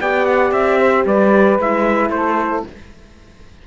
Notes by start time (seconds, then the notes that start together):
0.00 B3 G4 D5 G5
0.25 F#5
0.51 C4 E5
0.79 C5
1.05 G3 B4 D5
1.59 G#3 E4 E5
2.10 A3 A4 C5